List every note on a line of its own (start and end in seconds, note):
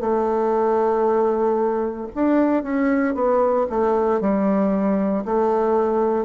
0.00 2.07 A3
2.14 2.63 D4
2.63 3.15 C#4
3.15 3.66 B3
3.70 4.20 A3
4.20 5.24 G3
5.24 6.25 A3